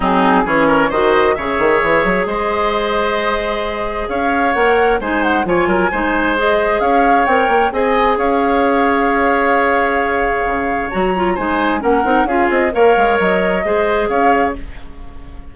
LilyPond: <<
  \new Staff \with { instrumentName = "flute" } { \time 4/4 \tempo 4 = 132 gis'4 cis''4 dis''4 e''4~ | e''4 dis''2.~ | dis''4 f''4 fis''4 gis''8 fis''8 | gis''2 dis''4 f''4 |
g''4 gis''4 f''2~ | f''1 | ais''4 gis''4 fis''4 f''8 dis''8 | f''4 dis''2 f''4 | }
  \new Staff \with { instrumentName = "oboe" } { \time 4/4 dis'4 gis'8 ais'8 c''4 cis''4~ | cis''4 c''2.~ | c''4 cis''2 c''4 | cis''8 ais'8 c''2 cis''4~ |
cis''4 dis''4 cis''2~ | cis''1~ | cis''4 c''4 ais'4 gis'4 | cis''2 c''4 cis''4 | }
  \new Staff \with { instrumentName = "clarinet" } { \time 4/4 c'4 cis'4 fis'4 gis'4~ | gis'1~ | gis'2 ais'4 dis'4 | f'4 dis'4 gis'2 |
ais'4 gis'2.~ | gis'1 | fis'8 f'8 dis'4 cis'8 dis'8 f'4 | ais'2 gis'2 | }
  \new Staff \with { instrumentName = "bassoon" } { \time 4/4 fis4 e4 dis4 cis8 dis8 | e8 fis8 gis2.~ | gis4 cis'4 ais4 gis4 | f8 fis8 gis2 cis'4 |
c'8 ais8 c'4 cis'2~ | cis'2. cis4 | fis4 gis4 ais8 c'8 cis'8 c'8 | ais8 gis8 fis4 gis4 cis'4 | }
>>